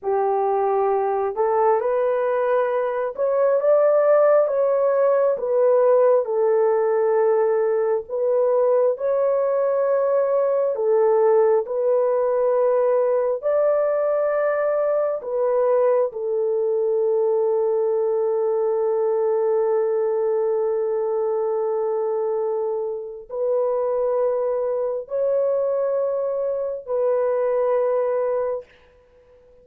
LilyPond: \new Staff \with { instrumentName = "horn" } { \time 4/4 \tempo 4 = 67 g'4. a'8 b'4. cis''8 | d''4 cis''4 b'4 a'4~ | a'4 b'4 cis''2 | a'4 b'2 d''4~ |
d''4 b'4 a'2~ | a'1~ | a'2 b'2 | cis''2 b'2 | }